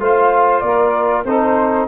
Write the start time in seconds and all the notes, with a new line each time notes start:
0.00 A3 F4 C5 F5
0.60 A#3 A#4 D5
1.25 C4 D#4 A4 C5